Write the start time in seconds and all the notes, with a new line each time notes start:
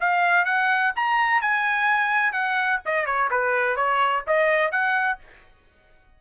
0.00 F5
0.45 F#5
0.96 A#5
1.41 G#5
2.32 F#5
2.85 D#5
3.06 C#5
3.30 B4
3.76 C#5
4.27 D#5
4.71 F#5